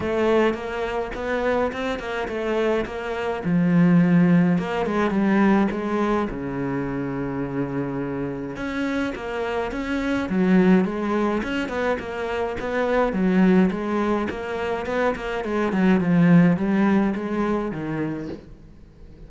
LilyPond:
\new Staff \with { instrumentName = "cello" } { \time 4/4 \tempo 4 = 105 a4 ais4 b4 c'8 ais8 | a4 ais4 f2 | ais8 gis8 g4 gis4 cis4~ | cis2. cis'4 |
ais4 cis'4 fis4 gis4 | cis'8 b8 ais4 b4 fis4 | gis4 ais4 b8 ais8 gis8 fis8 | f4 g4 gis4 dis4 | }